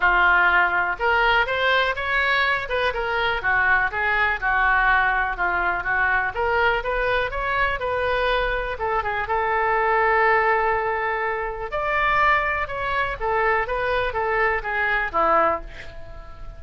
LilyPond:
\new Staff \with { instrumentName = "oboe" } { \time 4/4 \tempo 4 = 123 f'2 ais'4 c''4 | cis''4. b'8 ais'4 fis'4 | gis'4 fis'2 f'4 | fis'4 ais'4 b'4 cis''4 |
b'2 a'8 gis'8 a'4~ | a'1 | d''2 cis''4 a'4 | b'4 a'4 gis'4 e'4 | }